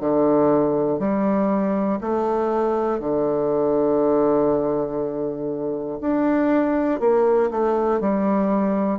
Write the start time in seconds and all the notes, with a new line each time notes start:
0.00 D3
0.99 G3
2.00 A3
2.99 D3
6.00 D4
7.00 A#3
7.50 A3
8.00 G3